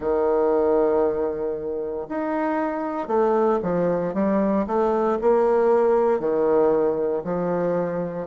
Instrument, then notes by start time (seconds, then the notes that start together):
bassoon
0.00 D#3
2.08 D#4
3.08 A3
3.62 F3
4.14 G3
4.66 A3
5.21 A#3
6.19 D#3
7.24 F3